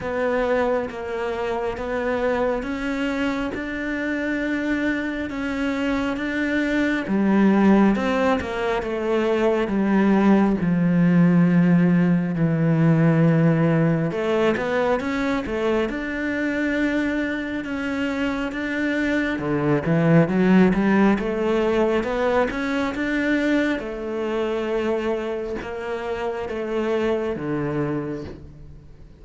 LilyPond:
\new Staff \with { instrumentName = "cello" } { \time 4/4 \tempo 4 = 68 b4 ais4 b4 cis'4 | d'2 cis'4 d'4 | g4 c'8 ais8 a4 g4 | f2 e2 |
a8 b8 cis'8 a8 d'2 | cis'4 d'4 d8 e8 fis8 g8 | a4 b8 cis'8 d'4 a4~ | a4 ais4 a4 d4 | }